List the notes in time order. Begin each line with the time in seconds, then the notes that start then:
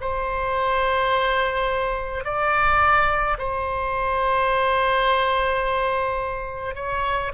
0.00 C5
2.24 D5
3.38 C5
6.75 C#5